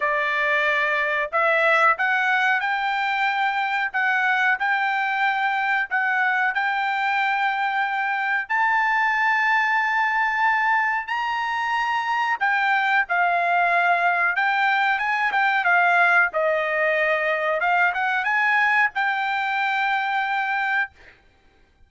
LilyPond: \new Staff \with { instrumentName = "trumpet" } { \time 4/4 \tempo 4 = 92 d''2 e''4 fis''4 | g''2 fis''4 g''4~ | g''4 fis''4 g''2~ | g''4 a''2.~ |
a''4 ais''2 g''4 | f''2 g''4 gis''8 g''8 | f''4 dis''2 f''8 fis''8 | gis''4 g''2. | }